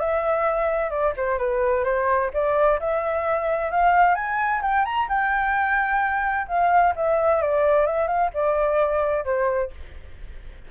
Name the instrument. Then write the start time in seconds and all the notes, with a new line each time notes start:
flute
0.00 E5
0.90 D5
1.17 C5
1.38 B4
1.85 C5
2.33 D5
2.80 E5
3.71 F5
4.15 G#5
4.62 G5
4.85 A#5
5.09 G5
6.48 F5
6.96 E5
7.42 D5
7.87 E5
8.07 F5
8.34 D5
9.25 C5